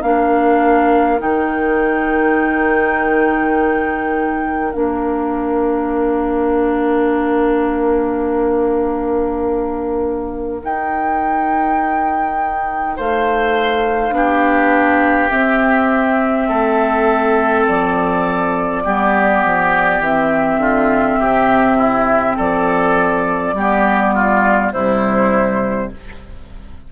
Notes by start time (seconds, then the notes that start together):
0.00 A#3 D4 A#4 F5
1.18 D#3 D#4 G5
4.73 A#3 D4 F5
10.61 D#4 G5
12.96 A3 C5 F5
14.10 B3 D4 G4
15.29 C4 E5
16.48 A3 A4
17.67 F3 D5
18.84 G3 B3 G4
19.44 F3
19.99 E3 C4 E5
20.57 D3 F4
21.19 C3 G4
21.77 E4
22.36 F3 A4 D5
23.53 G3 B3 G4
24.14 F4
24.72 C3 G3 E4 C5